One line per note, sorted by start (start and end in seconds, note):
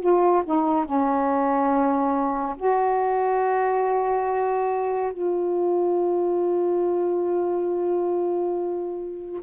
0.00 0.43 F4
0.45 0.85 D#4
0.85 2.56 C#4
2.57 5.12 F#4
5.12 9.41 F4